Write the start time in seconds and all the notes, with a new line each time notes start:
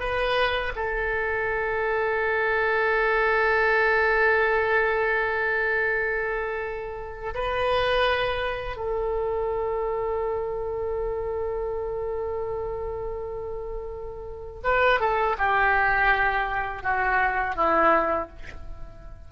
0.00 B4
0.76 A4
7.35 B4
8.77 A4
14.64 B4
15.00 A4
15.38 G4
16.83 F#4
17.56 E4